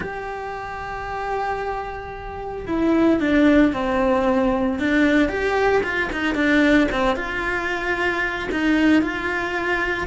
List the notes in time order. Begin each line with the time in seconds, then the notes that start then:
0.00 G4
2.66 E4
3.20 D4
3.73 C4
4.79 D4
5.28 G4
5.83 F4
6.12 D#4
6.35 D4
6.91 C4
7.16 F4
8.51 D#4
9.01 F4